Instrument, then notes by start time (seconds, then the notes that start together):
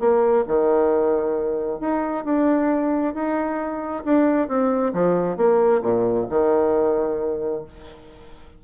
bassoon
0.00 A#3
0.48 D#3
1.80 D#4
2.25 D4
3.14 D#4
4.05 D4
4.48 C4
4.94 F3
5.37 A#3
5.82 A#2
6.30 D#3